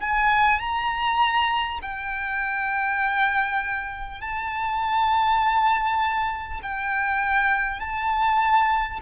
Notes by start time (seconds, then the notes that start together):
0.00 G#5
0.59 A#5
1.82 G5
4.21 A5
6.62 G5
7.79 A5